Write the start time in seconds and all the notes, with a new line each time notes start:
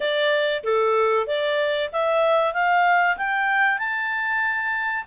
0.00 D5
0.63 A4
1.26 D5
1.92 E5
2.53 F5
3.17 G5
3.78 A5